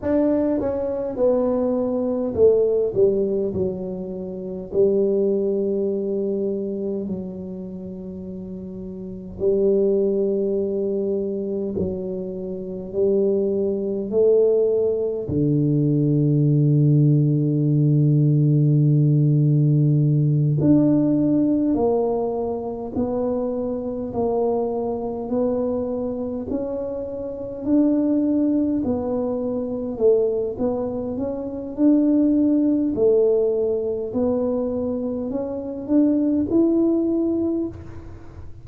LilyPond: \new Staff \with { instrumentName = "tuba" } { \time 4/4 \tempo 4 = 51 d'8 cis'8 b4 a8 g8 fis4 | g2 fis2 | g2 fis4 g4 | a4 d2.~ |
d4. d'4 ais4 b8~ | b8 ais4 b4 cis'4 d'8~ | d'8 b4 a8 b8 cis'8 d'4 | a4 b4 cis'8 d'8 e'4 | }